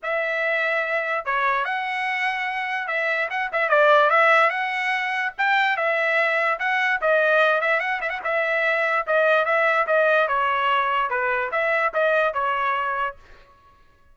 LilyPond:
\new Staff \with { instrumentName = "trumpet" } { \time 4/4 \tempo 4 = 146 e''2. cis''4 | fis''2. e''4 | fis''8 e''8 d''4 e''4 fis''4~ | fis''4 g''4 e''2 |
fis''4 dis''4. e''8 fis''8 e''16 fis''16 | e''2 dis''4 e''4 | dis''4 cis''2 b'4 | e''4 dis''4 cis''2 | }